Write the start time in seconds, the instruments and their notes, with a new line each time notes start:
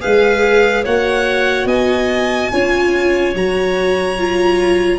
0.00 tuba G#3, viola G#4, clarinet B4, violin F5
0.84 tuba A#3, viola F#4, clarinet C#5, violin F#5
1.65 tuba B3, clarinet D#5, violin G#5
2.52 tuba C#4, viola F4, clarinet C#5
3.35 tuba F#3, viola F#4, violin A#5
4.18 viola F4